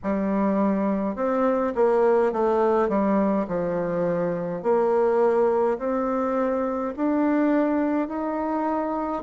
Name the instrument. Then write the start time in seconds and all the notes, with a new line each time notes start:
bassoon
0.03 G3
1.15 C4
1.75 A#3
2.32 A3
2.88 G3
3.47 F3
4.62 A#3
5.78 C4
6.96 D4
8.08 D#4